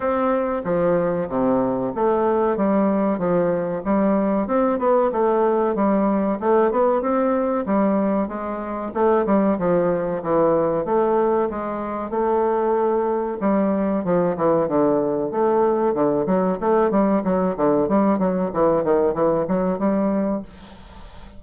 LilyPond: \new Staff \with { instrumentName = "bassoon" } { \time 4/4 \tempo 4 = 94 c'4 f4 c4 a4 | g4 f4 g4 c'8 b8 | a4 g4 a8 b8 c'4 | g4 gis4 a8 g8 f4 |
e4 a4 gis4 a4~ | a4 g4 f8 e8 d4 | a4 d8 fis8 a8 g8 fis8 d8 | g8 fis8 e8 dis8 e8 fis8 g4 | }